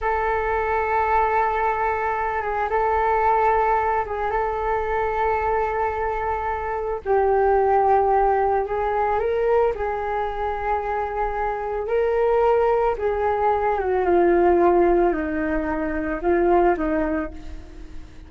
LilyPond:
\new Staff \with { instrumentName = "flute" } { \time 4/4 \tempo 4 = 111 a'1~ | a'8 gis'8 a'2~ a'8 gis'8 | a'1~ | a'4 g'2. |
gis'4 ais'4 gis'2~ | gis'2 ais'2 | gis'4. fis'8 f'2 | dis'2 f'4 dis'4 | }